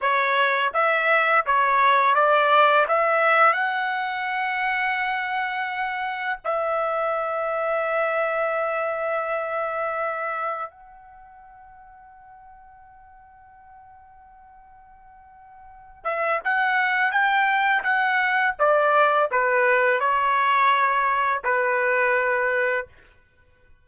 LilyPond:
\new Staff \with { instrumentName = "trumpet" } { \time 4/4 \tempo 4 = 84 cis''4 e''4 cis''4 d''4 | e''4 fis''2.~ | fis''4 e''2.~ | e''2. fis''4~ |
fis''1~ | fis''2~ fis''8 e''8 fis''4 | g''4 fis''4 d''4 b'4 | cis''2 b'2 | }